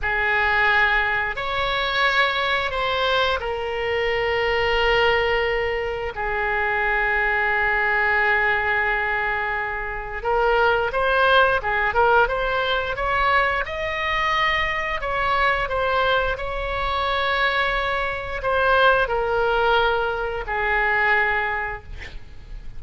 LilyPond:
\new Staff \with { instrumentName = "oboe" } { \time 4/4 \tempo 4 = 88 gis'2 cis''2 | c''4 ais'2.~ | ais'4 gis'2.~ | gis'2. ais'4 |
c''4 gis'8 ais'8 c''4 cis''4 | dis''2 cis''4 c''4 | cis''2. c''4 | ais'2 gis'2 | }